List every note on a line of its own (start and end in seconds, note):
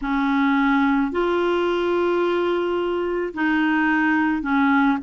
0.02 1.11 C#4
1.11 3.33 F4
3.34 4.42 D#4
4.42 4.97 C#4